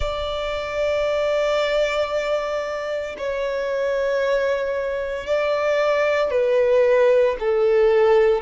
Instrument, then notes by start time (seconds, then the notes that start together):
violin
0.00 D5
3.18 C#5
5.26 D5
6.31 B4
7.39 A4